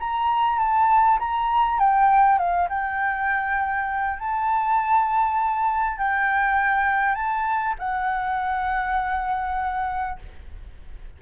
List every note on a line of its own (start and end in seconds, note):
0.00 0.59 A#5
0.59 1.19 A5
1.19 1.79 A#5
1.79 2.39 G5
2.39 2.69 F5
2.70 4.19 G5
4.19 5.98 A5
5.98 7.15 G5
7.15 7.75 A5
7.79 10.19 F#5